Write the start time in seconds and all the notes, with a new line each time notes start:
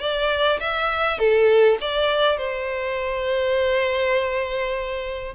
0.00 D5
0.60 E5
1.19 A4
1.81 D5
2.37 C5